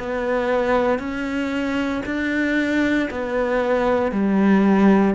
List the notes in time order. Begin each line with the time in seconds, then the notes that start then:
0.00 B3
0.99 C#4
2.06 D4
3.11 B3
4.12 G3